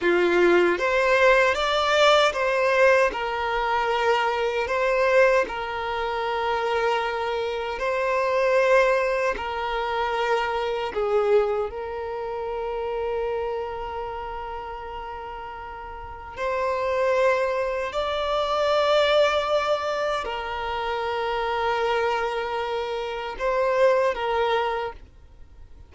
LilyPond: \new Staff \with { instrumentName = "violin" } { \time 4/4 \tempo 4 = 77 f'4 c''4 d''4 c''4 | ais'2 c''4 ais'4~ | ais'2 c''2 | ais'2 gis'4 ais'4~ |
ais'1~ | ais'4 c''2 d''4~ | d''2 ais'2~ | ais'2 c''4 ais'4 | }